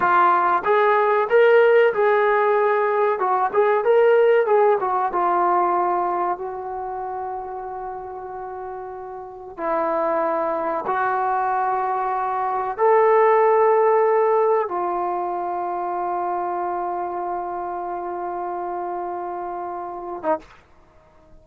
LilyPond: \new Staff \with { instrumentName = "trombone" } { \time 4/4 \tempo 4 = 94 f'4 gis'4 ais'4 gis'4~ | gis'4 fis'8 gis'8 ais'4 gis'8 fis'8 | f'2 fis'2~ | fis'2. e'4~ |
e'4 fis'2. | a'2. f'4~ | f'1~ | f'2.~ f'8. dis'16 | }